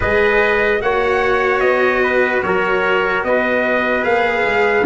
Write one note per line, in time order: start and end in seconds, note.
0.00 0.81 G#3
0.00 0.79 G#4
0.00 0.81 B4
0.00 0.81 D#5
0.79 1.61 A#3
0.79 4.02 F#4
0.79 2.03 C#5
0.79 1.60 F#5
1.60 2.42 B3
1.60 2.41 D#5
2.03 2.43 B4
2.42 3.23 F#3
2.42 3.27 A#4
2.42 3.23 C#5
3.23 4.04 B3
3.23 4.86 B4
3.23 4.04 D#5
4.02 4.45 A#3
4.02 4.83 G#4
4.02 4.85 F5
4.45 4.85 G#3